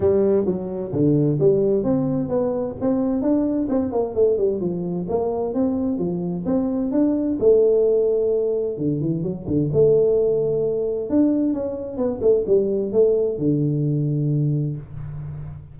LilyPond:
\new Staff \with { instrumentName = "tuba" } { \time 4/4 \tempo 4 = 130 g4 fis4 d4 g4 | c'4 b4 c'4 d'4 | c'8 ais8 a8 g8 f4 ais4 | c'4 f4 c'4 d'4 |
a2. d8 e8 | fis8 d8 a2. | d'4 cis'4 b8 a8 g4 | a4 d2. | }